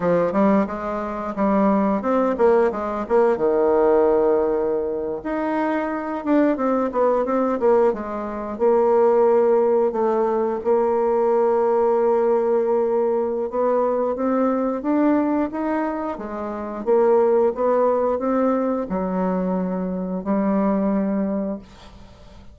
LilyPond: \new Staff \with { instrumentName = "bassoon" } { \time 4/4 \tempo 4 = 89 f8 g8 gis4 g4 c'8 ais8 | gis8 ais8 dis2~ dis8. dis'16~ | dis'4~ dis'16 d'8 c'8 b8 c'8 ais8 gis16~ | gis8. ais2 a4 ais16~ |
ais1 | b4 c'4 d'4 dis'4 | gis4 ais4 b4 c'4 | fis2 g2 | }